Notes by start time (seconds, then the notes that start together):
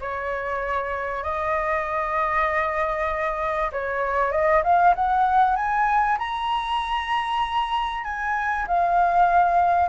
0.00 C#5
1.23 D#5
3.72 C#5
4.31 D#5
4.63 F5
4.95 F#5
5.56 G#5
6.18 A#5
8.04 G#5
8.67 F5